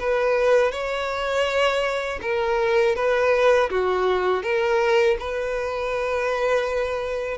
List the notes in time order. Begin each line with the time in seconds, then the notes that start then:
0.00 B4
0.72 C#5
2.22 A#4
2.96 B4
3.70 F#4
4.43 A#4
5.20 B4